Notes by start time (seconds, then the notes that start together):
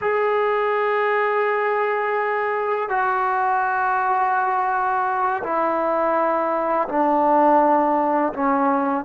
0.01 G#4
2.89 F#4
5.43 E4
6.88 D4
8.33 C#4